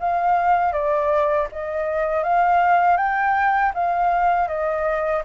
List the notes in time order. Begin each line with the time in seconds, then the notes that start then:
0.00 F5
0.72 D5
1.52 D#5
2.23 F5
2.97 G5
3.74 F5
4.48 D#5